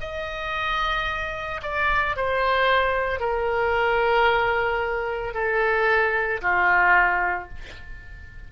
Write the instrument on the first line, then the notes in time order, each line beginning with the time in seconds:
oboe
0.00 D#5
1.63 D5
2.16 C5
3.19 A#4
5.34 A4
6.41 F4